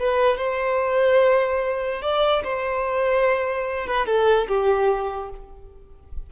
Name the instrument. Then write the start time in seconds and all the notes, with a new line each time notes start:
violin
0.00 B4
0.38 C5
2.02 D5
2.44 C5
3.88 B4
4.07 A4
4.48 G4